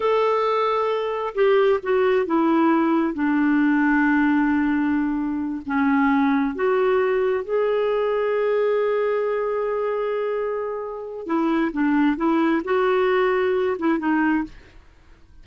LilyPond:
\new Staff \with { instrumentName = "clarinet" } { \time 4/4 \tempo 4 = 133 a'2. g'4 | fis'4 e'2 d'4~ | d'1~ | d'8 cis'2 fis'4.~ |
fis'8 gis'2.~ gis'8~ | gis'1~ | gis'4 e'4 d'4 e'4 | fis'2~ fis'8 e'8 dis'4 | }